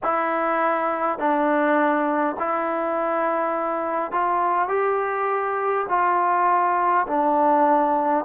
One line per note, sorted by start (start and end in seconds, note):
0.03 1.18 E4
1.18 2.36 D4
2.39 4.11 E4
4.11 4.68 F4
4.68 5.86 G4
5.88 7.06 F4
7.06 8.24 D4